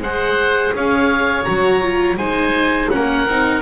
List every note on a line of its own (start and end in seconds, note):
0.00 0.72 G#3
0.00 1.45 G#4
0.00 0.75 C5
0.00 0.75 F#5
0.74 1.46 C#4
0.74 2.18 C#5
0.74 1.45 F5
1.45 2.16 F#3
1.45 1.82 F#4
1.45 2.17 A#5
1.82 2.18 F4
2.16 2.89 G#3
2.16 2.91 D#4
2.16 2.90 C5
2.16 2.90 G#5
2.91 3.27 A#3
2.91 3.27 C#4
2.91 3.62 A#4
2.91 3.62 F#5
3.27 3.62 C4
3.27 3.62 D#4